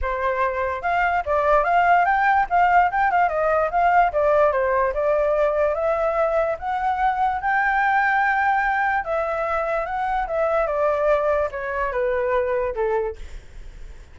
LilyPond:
\new Staff \with { instrumentName = "flute" } { \time 4/4 \tempo 4 = 146 c''2 f''4 d''4 | f''4 g''4 f''4 g''8 f''8 | dis''4 f''4 d''4 c''4 | d''2 e''2 |
fis''2 g''2~ | g''2 e''2 | fis''4 e''4 d''2 | cis''4 b'2 a'4 | }